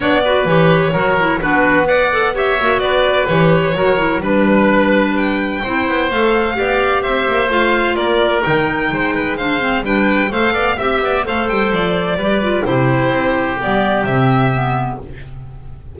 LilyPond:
<<
  \new Staff \with { instrumentName = "violin" } { \time 4/4 \tempo 4 = 128 d''4 cis''2 b'4 | fis''4 e''4 d''4 cis''4~ | cis''4 b'2 g''4~ | g''4 f''2 e''4 |
f''4 d''4 g''2 | f''4 g''4 f''4 e''4 | f''8 g''8 d''2 c''4~ | c''4 d''4 e''2 | }
  \new Staff \with { instrumentName = "oboe" } { \time 4/4 cis''8 b'4. ais'4 fis'4 | d''4 cis''4 b'2 | ais'4 b'2. | c''2 d''4 c''4~ |
c''4 ais'2 c''8 b'8 | c''4 b'4 c''8 d''8 e''8 d''8 | c''2 b'4 g'4~ | g'1 | }
  \new Staff \with { instrumentName = "clarinet" } { \time 4/4 d'8 fis'8 g'4 fis'8 e'8 d'4 | b'8 a'8 g'8 fis'4. g'4 | fis'8 e'8 d'2. | e'4 a'4 g'2 |
f'2 dis'2 | d'8 c'8 d'4 a'4 g'4 | a'2 g'8 f'8 e'4~ | e'4 b4 c'4 b4 | }
  \new Staff \with { instrumentName = "double bass" } { \time 4/4 b4 e4 fis4 b4~ | b4. ais8 b4 e4 | fis4 g2. | c'8 b8 a4 b4 c'8 ais8 |
a4 ais4 dis4 gis4~ | gis4 g4 a8 b8 c'8 b8 | a8 g8 f4 g4 c4 | c'4 g4 c2 | }
>>